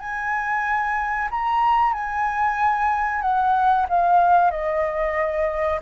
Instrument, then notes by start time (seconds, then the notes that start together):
flute
0.00 G#5
1.31 A#5
1.93 G#5
3.22 F#5
3.89 F5
4.51 D#5